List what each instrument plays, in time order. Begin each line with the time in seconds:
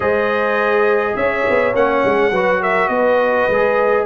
0.00 tuba G#3, trombone G#4, horn C5, trumpet D#5
1.16 tuba C#4, horn C#5, trumpet E5
1.49 tuba B3
1.73 tuba A#3, trombone C#4, trumpet F#5
2.04 tuba G#3
2.31 tuba F#3, trombone F#4, horn B4
2.61 horn A#4, trumpet E5
2.88 tuba B3, horn B4, trumpet D#5
3.49 tuba G#3, trombone G#4